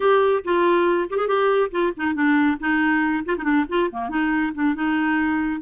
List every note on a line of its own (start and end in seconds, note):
0.00 0.43 G4
0.44 1.09 F4
1.10 1.17 G4
1.17 1.27 G#4
1.27 1.71 G4
1.71 1.92 F4
1.96 2.14 D#4
2.14 2.57 D4
2.59 3.24 D#4
3.25 3.36 F4
3.37 3.43 D#4
3.43 3.65 D4
3.68 3.90 F4
3.91 4.09 A#3
4.09 4.52 D#4
4.54 4.74 D4
4.74 5.61 D#4